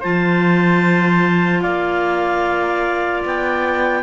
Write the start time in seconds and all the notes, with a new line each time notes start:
0.00 F3 F4 C5 A5
1.61 A#3 D5 F5
3.25 B3 G5